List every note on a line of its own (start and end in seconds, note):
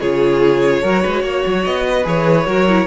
0.00 0.83 C#3
0.00 0.83 F4
0.00 0.81 G#4
0.00 1.64 C#5
0.81 1.04 F#3
0.81 2.03 F#4
0.81 1.02 A#4
1.02 1.23 G#3
1.02 1.22 B4
1.23 1.44 A#3
1.23 1.85 C#5
1.46 1.66 F#3
1.64 2.05 B3
1.64 2.05 D#5
1.89 2.47 B4
2.03 2.46 E3
2.03 2.44 G#4
2.03 2.86 C#5
2.46 2.86 F#3
2.46 2.66 F#4
2.46 2.86 A#4
2.68 2.86 E4